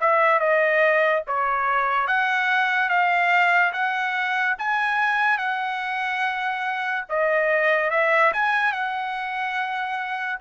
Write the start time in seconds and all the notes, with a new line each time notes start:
0.00 E5
0.39 D#5
1.27 C#5
2.07 F#5
2.89 F5
3.72 F#5
4.58 G#5
5.37 F#5
7.09 D#5
7.90 E5
8.33 G#5
8.72 F#5